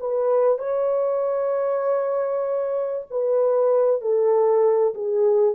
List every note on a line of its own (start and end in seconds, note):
0.00 0.58 B4
0.58 3.06 C#5
3.10 4.01 B4
4.01 4.94 A4
4.95 5.54 G#4